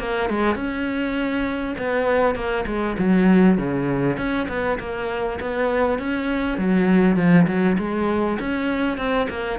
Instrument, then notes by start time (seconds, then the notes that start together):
cello
0.00 A#3
0.30 G#3
0.56 C#4
1.79 B3
2.36 A#3
2.67 G#3
2.99 F#3
3.58 C#3
4.18 C#4
4.49 B3
4.80 A#3
5.41 B3
5.99 C#4
6.59 F#3
7.17 F3
7.48 F#3
7.79 G#3
8.40 C#4
8.98 C4
9.30 A#3